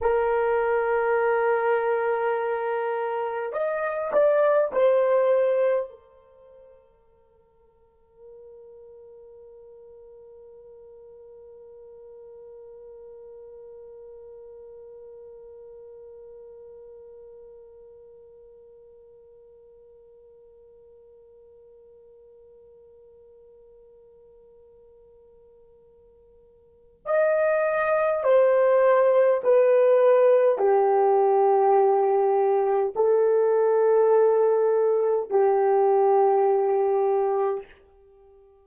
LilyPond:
\new Staff \with { instrumentName = "horn" } { \time 4/4 \tempo 4 = 51 ais'2. dis''8 d''8 | c''4 ais'2.~ | ais'1~ | ais'1~ |
ais'1~ | ais'2. dis''4 | c''4 b'4 g'2 | a'2 g'2 | }